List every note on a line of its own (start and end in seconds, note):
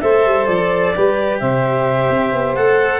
0.00 0.25 A3
0.00 0.94 A4
0.00 0.94 C5
0.00 0.46 E5
0.25 0.47 G3
0.46 0.94 F3
0.46 1.38 D5
0.94 1.41 G3
0.94 2.56 G4
0.94 1.40 B4
1.39 2.09 C3
1.39 3.00 C5
1.39 2.55 E5
2.09 2.32 C4
2.32 2.55 B3
2.55 3.00 A3
2.55 3.00 A4
2.55 3.00 F#5